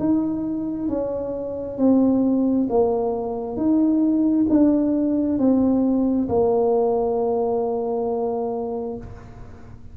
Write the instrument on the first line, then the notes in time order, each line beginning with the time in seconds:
tuba
0.00 D#4
0.89 C#4
1.78 C4
2.70 A#3
3.57 D#4
4.50 D4
5.39 C4
6.29 A#3